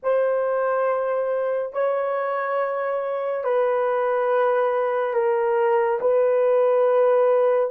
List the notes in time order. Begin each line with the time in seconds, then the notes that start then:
0.02 C5
1.72 C#5
3.44 B4
5.13 A#4
6.00 B4